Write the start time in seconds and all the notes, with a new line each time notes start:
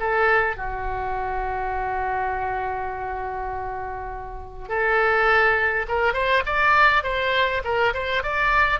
0.00 A4
0.57 F#4
4.69 A4
5.88 A#4
6.14 C5
6.46 D5
7.03 C5
7.64 A#4
7.94 C5
8.23 D5